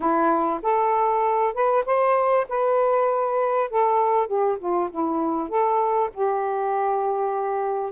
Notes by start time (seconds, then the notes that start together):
0.00 E4
0.62 A4
1.54 B4
1.85 C5
2.48 B4
3.70 A4
4.27 G4
4.59 F4
4.90 E4
5.48 A4
6.13 G4